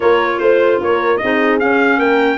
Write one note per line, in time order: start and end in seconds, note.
0.00 0.40 A#3
0.00 1.19 F4
0.00 0.38 A#4
0.00 0.38 C#5
0.38 0.80 A3
0.38 0.78 C5
0.38 0.81 C5
0.80 1.20 A#3
0.80 1.21 A#4
0.80 1.17 C#5
1.17 1.98 G#4
1.17 1.57 D#5
1.23 1.62 C4
1.23 1.59 D#4
1.59 2.37 C#4
1.59 1.98 C#4
1.59 1.99 F5
1.98 2.37 A#3
1.98 2.37 A#4
1.98 2.37 G5